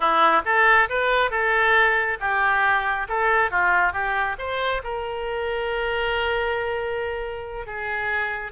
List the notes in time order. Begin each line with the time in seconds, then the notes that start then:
0.00 E4
0.45 A4
0.89 B4
1.30 A4
2.20 G4
3.08 A4
3.50 F4
3.92 G4
4.38 C5
4.83 A#4
7.66 G#4